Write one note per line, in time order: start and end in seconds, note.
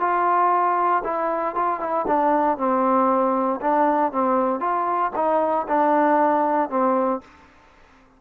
0.00 1.03 F4
1.04 1.55 E4
1.55 1.80 F4
1.80 2.05 E4
2.07 2.58 D4
2.58 3.60 C4
3.61 4.12 D4
4.12 4.60 C4
4.60 5.11 F4
5.16 5.67 D#4
5.68 6.69 D4
6.69 7.21 C4